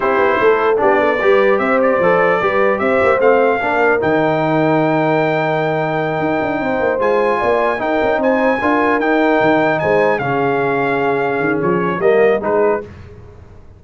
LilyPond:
<<
  \new Staff \with { instrumentName = "trumpet" } { \time 4/4 \tempo 4 = 150 c''2 d''2 | e''8 d''2~ d''8 e''4 | f''2 g''2~ | g''1~ |
g''4. gis''2 g''8~ | g''8 gis''2 g''4.~ | g''8 gis''4 f''2~ f''8~ | f''4 cis''4 dis''4 b'4 | }
  \new Staff \with { instrumentName = "horn" } { \time 4/4 g'4 a'4 g'8 a'8 b'4 | c''2 b'4 c''4~ | c''4 ais'2.~ | ais'1~ |
ais'8 c''2 d''4 ais'8~ | ais'8 c''4 ais'2~ ais'8~ | ais'8 c''4 gis'2~ gis'8~ | gis'2 ais'4 gis'4 | }
  \new Staff \with { instrumentName = "trombone" } { \time 4/4 e'2 d'4 g'4~ | g'4 a'4 g'2 | c'4 d'4 dis'2~ | dis'1~ |
dis'4. f'2 dis'8~ | dis'4. f'4 dis'4.~ | dis'4. cis'2~ cis'8~ | cis'2 ais4 dis'4 | }
  \new Staff \with { instrumentName = "tuba" } { \time 4/4 c'8 b8 a4 b4 g4 | c'4 f4 g4 c'8 ais8 | a4 ais4 dis2~ | dis2.~ dis8 dis'8 |
d'8 c'8 ais8 gis4 ais4 dis'8 | cis'8 c'4 d'4 dis'4 dis8~ | dis8 gis4 cis2~ cis8~ | cis8 dis8 f4 g4 gis4 | }
>>